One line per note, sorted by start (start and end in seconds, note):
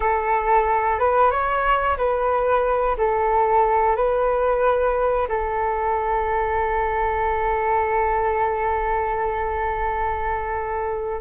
0.00 0.99 A4
0.99 1.30 B4
1.30 1.96 C#5
1.97 2.96 B4
2.97 3.96 A4
3.96 5.27 B4
5.28 11.21 A4